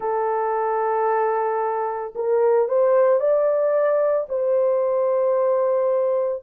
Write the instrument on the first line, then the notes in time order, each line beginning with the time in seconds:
horn
0.00 A4
2.15 A#4
2.68 C5
3.19 D5
4.29 C5